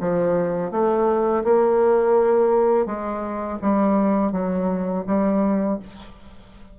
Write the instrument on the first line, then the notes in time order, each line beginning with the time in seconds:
bassoon
0.00 F3
0.71 A3
1.44 A#3
2.86 G#3
3.61 G3
4.32 F#3
5.07 G3